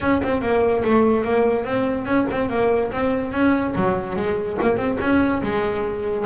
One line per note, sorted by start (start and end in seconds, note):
0.01 0.21 C#4
0.23 0.41 C4
0.41 0.83 A#3
0.84 1.23 A3
1.23 1.65 A#3
1.65 2.05 C4
2.05 2.26 C#4
2.30 2.49 C4
2.49 2.91 A#3
2.91 3.32 C4
3.32 3.74 C#4
3.75 4.16 F#3
4.16 4.57 G#3
4.61 4.76 A#3
4.76 4.97 C4
5.00 5.42 C#4
5.42 6.25 G#3